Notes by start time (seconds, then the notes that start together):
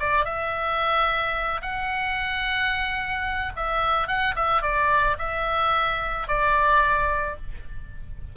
0.00 D5
0.26 E5
1.62 F#5
3.57 E5
4.08 F#5
4.36 E5
4.63 D5
5.19 E5
6.28 D5